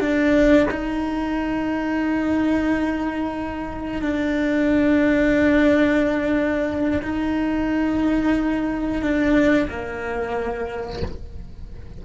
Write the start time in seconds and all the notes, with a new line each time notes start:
0.00 D4
0.71 D#4
4.02 D4
7.02 D#4
9.02 D4
9.69 A#3